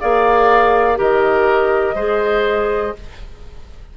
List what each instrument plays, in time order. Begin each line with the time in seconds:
0.00 bassoon A#3, clarinet G#4, oboe D5, flute F5
0.96 bassoon D#3, clarinet G4, oboe A#4, flute D#5
1.94 bassoon G#3, clarinet G#4, oboe C5